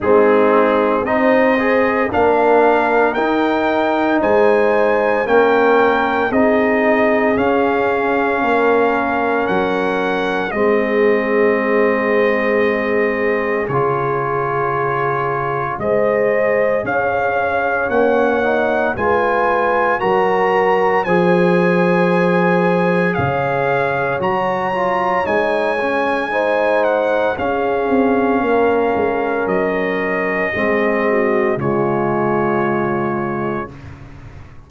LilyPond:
<<
  \new Staff \with { instrumentName = "trumpet" } { \time 4/4 \tempo 4 = 57 gis'4 dis''4 f''4 g''4 | gis''4 g''4 dis''4 f''4~ | f''4 fis''4 dis''2~ | dis''4 cis''2 dis''4 |
f''4 fis''4 gis''4 ais''4 | gis''2 f''4 ais''4 | gis''4. fis''8 f''2 | dis''2 cis''2 | }
  \new Staff \with { instrumentName = "horn" } { \time 4/4 dis'4 c''4 ais'2 | c''4 ais'4 gis'2 | ais'2 gis'2~ | gis'2. c''4 |
cis''2 b'4 ais'4 | c''2 cis''2~ | cis''4 c''4 gis'4 ais'4~ | ais'4 gis'8 fis'8 f'2 | }
  \new Staff \with { instrumentName = "trombone" } { \time 4/4 c'4 dis'8 gis'8 d'4 dis'4~ | dis'4 cis'4 dis'4 cis'4~ | cis'2 c'2~ | c'4 f'2 gis'4~ |
gis'4 cis'8 dis'8 f'4 fis'4 | gis'2. fis'8 f'8 | dis'8 cis'8 dis'4 cis'2~ | cis'4 c'4 gis2 | }
  \new Staff \with { instrumentName = "tuba" } { \time 4/4 gis4 c'4 ais4 dis'4 | gis4 ais4 c'4 cis'4 | ais4 fis4 gis2~ | gis4 cis2 gis4 |
cis'4 ais4 gis4 fis4 | f2 cis4 fis4 | gis2 cis'8 c'8 ais8 gis8 | fis4 gis4 cis2 | }
>>